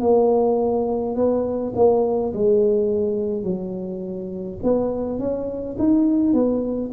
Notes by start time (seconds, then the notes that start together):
0.00 A#3
1.15 B3
1.75 A#3
2.33 G#3
3.43 F#3
4.63 B3
5.19 C#4
5.78 D#4
6.33 B3